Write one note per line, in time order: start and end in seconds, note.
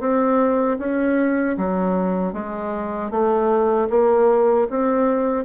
0.00 0.78 C4
0.79 1.57 C#4
1.58 2.33 F#3
2.33 3.11 G#3
3.11 3.89 A3
3.90 4.68 A#3
4.70 5.45 C4